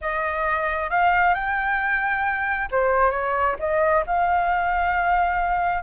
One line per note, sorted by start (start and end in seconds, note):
0.01 0.90 D#5
0.90 1.34 F5
1.34 2.68 G5
2.71 3.10 C5
3.10 3.55 C#5
3.59 4.04 D#5
4.06 5.82 F5